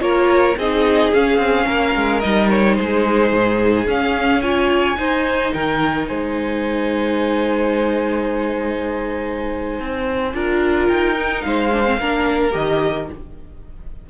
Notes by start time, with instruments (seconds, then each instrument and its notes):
0.00 cello A#3, viola F4, violin A#4 C#5
0.57 cello C4, viola D#4, violin G#4 D#5
1.14 cello C#4, viola C#4, violin F5
1.38 cello C4
1.66 cello A#3, violin A#4
1.96 cello G#3
2.20 cello G3, viola D#4, violin D#5
2.50 violin C#5
2.75 cello G#3, violin G#4 C5
3.32 cello G#2
3.87 cello C#4, viola C#4, violin F5
4.42 viola F4, violin C#5 G#5
4.96 viola D#4, cello D#4, violin C5
5.53 cello D#3, violin A#4 G5
6.08 cello G#3, violin C5 G#5
9.80 cello C4
10.34 cello D4, viola F4, violin A#4
10.88 cello D#4, violin G5
11.15 viola D#4
11.42 cello G#3, violin C5 F5
11.73 viola D4
11.85 viola C4
11.99 cello A#3, viola D4, violin A#4
12.51 cello D#3, viola G4, violin D#5